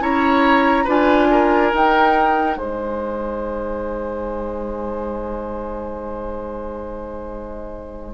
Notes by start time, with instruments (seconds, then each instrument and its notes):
0.00 bassoon C#4, clarinet E4, oboe C#5, flute A#5
0.85 bassoon D4, clarinet F4, oboe B4, flute G#5
1.31 oboe A#4
1.73 clarinet D#4, bassoon D#4, flute G5
2.56 bassoon G#3, oboe C5, flute G#5